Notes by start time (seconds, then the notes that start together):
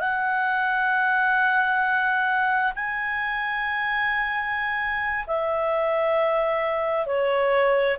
0.00 F#5
2.76 G#5
5.27 E5
7.07 C#5